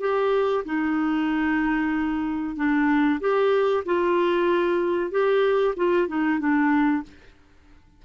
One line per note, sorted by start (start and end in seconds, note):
0.00 0.64 G4
0.65 2.56 D#4
2.56 3.19 D4
3.20 3.84 G4
3.85 5.11 F4
5.11 5.74 G4
5.76 6.08 F4
6.08 6.39 D#4
6.39 7.03 D4